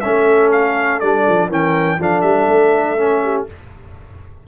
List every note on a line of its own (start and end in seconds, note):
0.00 1.02 A3
0.00 1.02 C#4
0.00 1.49 A4
0.00 0.49 E5
0.52 0.99 F5
0.99 1.26 G3
0.99 1.49 D4
0.99 1.49 D5
1.28 1.49 F3
1.49 1.98 E3
1.49 1.99 C#4
1.49 1.98 A#4
1.49 2.01 G5
1.99 2.22 F3
1.99 2.97 D4
1.99 3.23 A4
1.99 2.21 F5
2.21 2.47 G3
2.21 3.44 E5
2.48 3.46 A3
2.97 3.46 C#4
3.23 3.47 G4